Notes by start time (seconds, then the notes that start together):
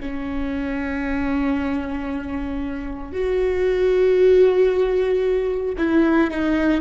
0.00 C#4
3.12 F#4
5.78 E4
6.31 D#4